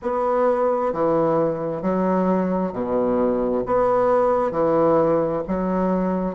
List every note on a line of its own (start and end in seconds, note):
0.02 0.92 B3
0.92 1.81 E3
1.81 2.72 F#3
2.73 3.64 B2
3.66 4.51 B3
4.51 5.42 E3
5.48 6.35 F#3